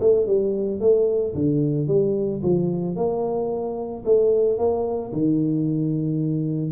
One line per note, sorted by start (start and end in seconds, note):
0.00 0.27 A3
0.27 0.80 G3
0.80 1.34 A3
1.34 1.87 D3
1.87 2.42 G3
2.42 2.96 F3
2.96 4.04 A#3
4.05 4.58 A3
4.58 5.12 A#3
5.12 6.71 D#3